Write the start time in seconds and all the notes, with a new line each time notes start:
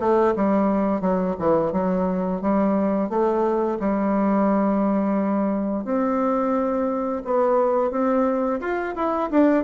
0.00 A3
0.36 G3
1.01 F#3
1.39 E3
1.72 F#3
2.41 G3
3.09 A3
3.80 G3
5.85 C4
7.24 B3
7.91 C4
8.61 F4
8.95 E4
9.31 D4